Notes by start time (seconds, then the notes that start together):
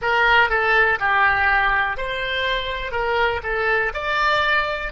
0.01 A#4
0.49 A4
0.99 G4
1.97 C5
2.92 A#4
3.42 A4
3.93 D5